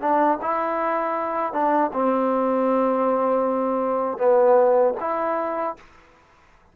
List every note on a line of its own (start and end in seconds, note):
0.00 0.38 D4
0.41 1.53 E4
1.53 1.91 D4
1.92 4.17 C4
4.17 4.93 B3
5.00 5.75 E4